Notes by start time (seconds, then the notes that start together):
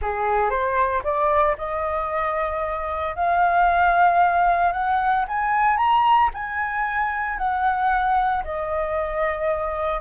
0.01 G#4
0.50 C5
1.03 D5
1.57 D#5
3.15 F5
4.72 F#5
5.28 G#5
5.77 A#5
6.34 G#5
7.38 F#5
8.44 D#5